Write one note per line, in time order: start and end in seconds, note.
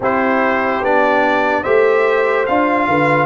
0.00 0.81 C4
0.00 0.83 E4
0.00 1.62 G4
0.00 0.84 C5
0.81 1.63 B3
0.81 1.65 D4
0.81 1.63 D5
1.62 2.48 A3
1.62 2.47 G4
1.62 2.85 C5
1.62 2.45 E5
2.46 2.87 D4
2.46 3.26 F4
2.46 3.26 F5
2.87 3.26 D3
2.87 3.26 B4